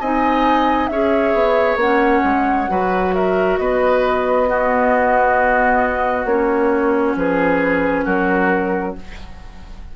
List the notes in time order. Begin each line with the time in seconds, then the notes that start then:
0.00 C4 D#4 D#5 G#5
0.87 C#4 G#4 C#5 E5
1.34 B3
1.76 A#3 C#4 F#5
2.24 G#3
2.69 F#3 F#4 B4
3.14 A#4 E5
3.58 B3 B4 D#5
4.47 B3 F#4
6.25 A#3 C#4 C#5
7.15 F3 G#4 B4
8.05 F#3 F#4 A#4